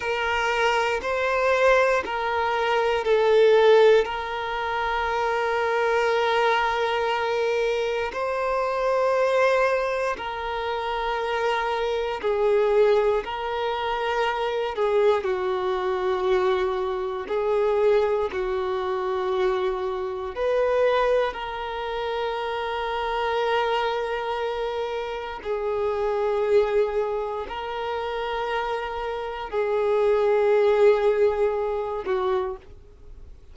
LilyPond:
\new Staff \with { instrumentName = "violin" } { \time 4/4 \tempo 4 = 59 ais'4 c''4 ais'4 a'4 | ais'1 | c''2 ais'2 | gis'4 ais'4. gis'8 fis'4~ |
fis'4 gis'4 fis'2 | b'4 ais'2.~ | ais'4 gis'2 ais'4~ | ais'4 gis'2~ gis'8 fis'8 | }